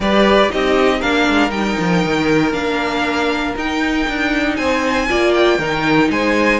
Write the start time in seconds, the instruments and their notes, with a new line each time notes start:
0.00 cello G3, viola G4, violin B4 D5
0.49 cello C4, viola D#4, violin G4 D#5
0.99 cello A#3, viola D4, violin A#4 F5
1.28 cello G#3
1.50 cello G3, viola D#4, violin G5
1.79 cello F3
2.04 cello D#3
2.52 cello A#3, viola D4, violin F5
3.56 cello D#4, viola D#4, violin G5
4.08 cello D4
4.56 cello C4, violin C5 G#5
5.08 cello A#3, viola F4, violin D5
5.34 violin G5
5.58 cello D#3, viola D#4, violin A#4
6.10 cello G#3, violin C5 G#5